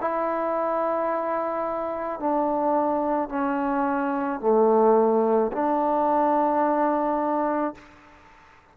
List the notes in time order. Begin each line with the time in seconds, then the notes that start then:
0.00 E4
2.19 D4
3.29 C#4
4.40 A3
5.52 D4